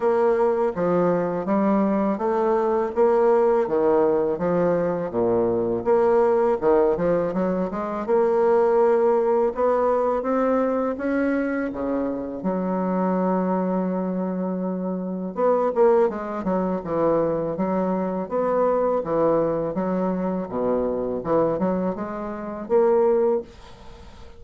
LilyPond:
\new Staff \with { instrumentName = "bassoon" } { \time 4/4 \tempo 4 = 82 ais4 f4 g4 a4 | ais4 dis4 f4 ais,4 | ais4 dis8 f8 fis8 gis8 ais4~ | ais4 b4 c'4 cis'4 |
cis4 fis2.~ | fis4 b8 ais8 gis8 fis8 e4 | fis4 b4 e4 fis4 | b,4 e8 fis8 gis4 ais4 | }